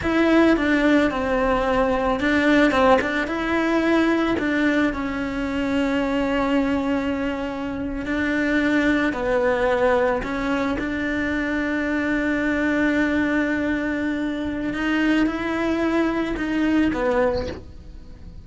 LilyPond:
\new Staff \with { instrumentName = "cello" } { \time 4/4 \tempo 4 = 110 e'4 d'4 c'2 | d'4 c'8 d'8 e'2 | d'4 cis'2.~ | cis'2~ cis'8. d'4~ d'16~ |
d'8. b2 cis'4 d'16~ | d'1~ | d'2. dis'4 | e'2 dis'4 b4 | }